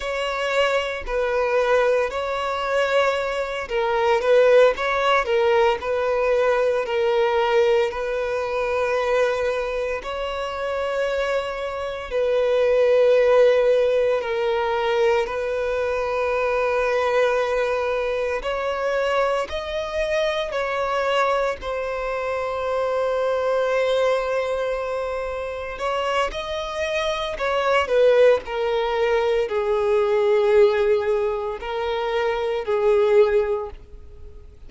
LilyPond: \new Staff \with { instrumentName = "violin" } { \time 4/4 \tempo 4 = 57 cis''4 b'4 cis''4. ais'8 | b'8 cis''8 ais'8 b'4 ais'4 b'8~ | b'4. cis''2 b'8~ | b'4. ais'4 b'4.~ |
b'4. cis''4 dis''4 cis''8~ | cis''8 c''2.~ c''8~ | c''8 cis''8 dis''4 cis''8 b'8 ais'4 | gis'2 ais'4 gis'4 | }